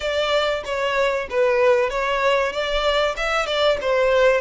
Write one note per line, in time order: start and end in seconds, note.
0.00 0.63 D5
0.64 1.27 C#5
1.29 1.90 B4
1.90 2.52 C#5
2.52 3.15 D5
3.17 3.46 E5
3.46 3.78 D5
3.81 4.40 C5